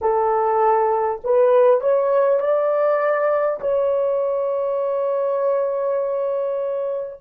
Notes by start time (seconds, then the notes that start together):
0.01 A4
1.24 B4
1.81 C#5
2.39 D5
3.60 C#5